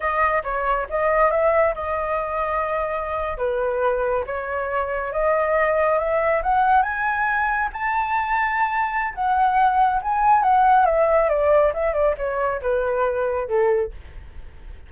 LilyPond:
\new Staff \with { instrumentName = "flute" } { \time 4/4 \tempo 4 = 138 dis''4 cis''4 dis''4 e''4 | dis''2.~ dis''8. b'16~ | b'4.~ b'16 cis''2 dis''16~ | dis''4.~ dis''16 e''4 fis''4 gis''16~ |
gis''4.~ gis''16 a''2~ a''16~ | a''4 fis''2 gis''4 | fis''4 e''4 d''4 e''8 d''8 | cis''4 b'2 a'4 | }